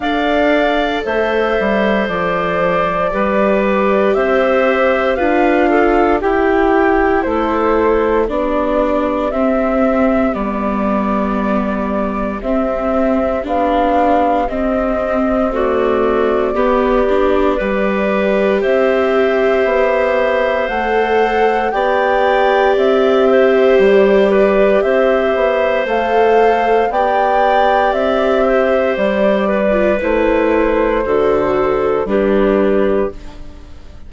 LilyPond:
<<
  \new Staff \with { instrumentName = "flute" } { \time 4/4 \tempo 4 = 58 f''4 e''4 d''2 | e''4 f''4 g''4 c''4 | d''4 e''4 d''2 | e''4 f''4 dis''4 d''4~ |
d''2 e''2 | fis''4 g''4 e''4 d''4 | e''4 f''4 g''4 e''4 | d''4 c''2 b'4 | }
  \new Staff \with { instrumentName = "clarinet" } { \time 4/4 d''4 c''2 b'4 | c''4 b'8 a'8 g'4 a'4 | g'1~ | g'2. fis'4 |
g'4 b'4 c''2~ | c''4 d''4. c''4 b'8 | c''2 d''4. c''8~ | c''8 b'4. a'4 g'4 | }
  \new Staff \with { instrumentName = "viola" } { \time 4/4 a'2. g'4~ | g'4 f'4 e'2 | d'4 c'4 b2 | c'4 d'4 c'4 a4 |
b8 d'8 g'2. | a'4 g'2.~ | g'4 a'4 g'2~ | g'8. f'16 e'4 fis'4 d'4 | }
  \new Staff \with { instrumentName = "bassoon" } { \time 4/4 d'4 a8 g8 f4 g4 | c'4 d'4 e'4 a4 | b4 c'4 g2 | c'4 b4 c'2 |
b4 g4 c'4 b4 | a4 b4 c'4 g4 | c'8 b8 a4 b4 c'4 | g4 a4 d4 g4 | }
>>